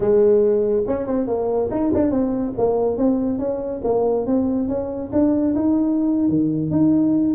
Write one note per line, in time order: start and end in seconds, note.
0.00 0.83 G#3
0.87 1.06 C#4
1.06 1.27 C4
1.27 1.69 A#3
1.70 1.91 D#4
1.94 2.10 D4
2.10 2.53 C4
2.57 2.97 A#3
2.97 3.38 C4
3.38 3.81 C#4
3.83 4.26 A#3
4.26 4.68 C4
4.68 5.10 C#4
5.12 5.54 D4
5.55 6.29 D#4
6.29 6.71 D#3
6.71 7.34 D#4